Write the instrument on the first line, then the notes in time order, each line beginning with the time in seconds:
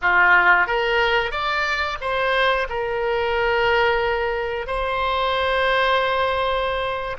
oboe
0.02 F4
0.66 A#4
1.31 D5
2.01 C5
2.68 A#4
4.66 C5